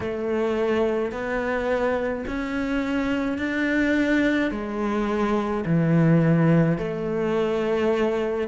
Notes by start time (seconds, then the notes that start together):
0.00 A3
1.11 B3
2.27 C#4
3.38 D4
4.51 G#3
5.65 E3
6.78 A3